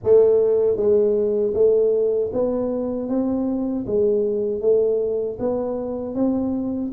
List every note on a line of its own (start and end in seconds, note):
0.03 0.76 A3
0.76 1.53 G#3
1.53 2.30 A3
2.33 3.08 B3
3.08 3.85 C4
3.86 4.60 G#3
4.60 5.37 A3
5.39 6.14 B3
6.14 6.91 C4